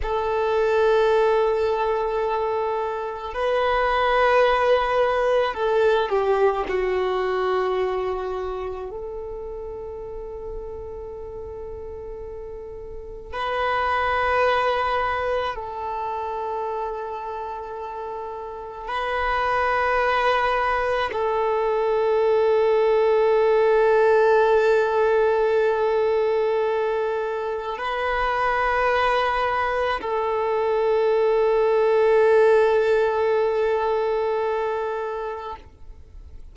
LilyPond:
\new Staff \with { instrumentName = "violin" } { \time 4/4 \tempo 4 = 54 a'2. b'4~ | b'4 a'8 g'8 fis'2 | a'1 | b'2 a'2~ |
a'4 b'2 a'4~ | a'1~ | a'4 b'2 a'4~ | a'1 | }